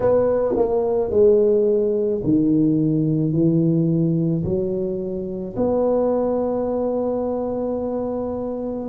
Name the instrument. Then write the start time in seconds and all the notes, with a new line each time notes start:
tuba
0.00 B3
0.56 A#3
1.10 G#3
2.23 D#3
3.32 E3
4.44 F#3
5.56 B3